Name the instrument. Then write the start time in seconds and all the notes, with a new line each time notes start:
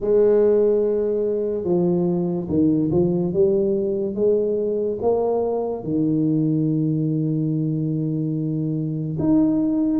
tuba
0.00 G#3
1.64 F3
2.48 D#3
2.91 F3
3.33 G3
4.14 G#3
5.01 A#3
5.83 D#3
9.19 D#4